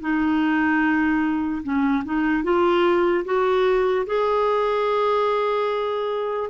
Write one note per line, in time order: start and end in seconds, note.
0.00 1.62 D#4
1.63 2.03 C#4
2.05 2.43 D#4
2.43 3.24 F4
3.25 4.06 F#4
4.07 6.50 G#4